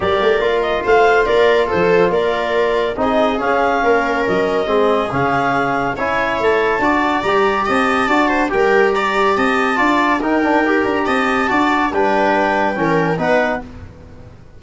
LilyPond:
<<
  \new Staff \with { instrumentName = "clarinet" } { \time 4/4 \tempo 4 = 141 d''4. dis''8 f''4 d''4 | c''4 d''2 dis''4 | f''2 dis''2 | f''2 gis''4 a''4~ |
a''4 ais''4 a''2 | g''4 ais''4 a''2 | g''4. ais''8 a''2 | g''2. fis''4 | }
  \new Staff \with { instrumentName = "viola" } { \time 4/4 ais'2 c''4 ais'4 | a'4 ais'2 gis'4~ | gis'4 ais'2 gis'4~ | gis'2 cis''2 |
d''2 dis''4 d''8 c''8 | ais'4 d''4 dis''4 d''4 | ais'2 dis''4 d''4 | b'2 ais'4 b'4 | }
  \new Staff \with { instrumentName = "trombone" } { \time 4/4 g'4 f'2.~ | f'2. dis'4 | cis'2. c'4 | cis'2 e'2 |
fis'4 g'2 fis'4 | g'2. f'4 | dis'8 d'8 g'2 fis'4 | d'2 cis'4 dis'4 | }
  \new Staff \with { instrumentName = "tuba" } { \time 4/4 g8 a8 ais4 a4 ais4 | f4 ais2 c'4 | cis'4 ais4 fis4 gis4 | cis2 cis'4 a4 |
d'4 g4 c'4 d'4 | g2 c'4 d'4 | dis'4. d'8 c'4 d'4 | g2 e4 b4 | }
>>